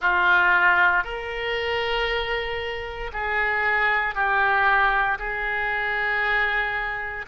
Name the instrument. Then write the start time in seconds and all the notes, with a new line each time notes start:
oboe
0.00 F4
1.03 A#4
3.12 G#4
4.14 G4
5.18 G#4